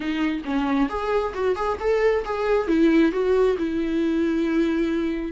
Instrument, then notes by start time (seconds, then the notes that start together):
viola
0.00 D#4
0.44 C#4
0.89 G#4
1.33 F#4
1.55 G#4
1.80 A4
2.24 G#4
2.67 E4
3.12 F#4
3.57 E4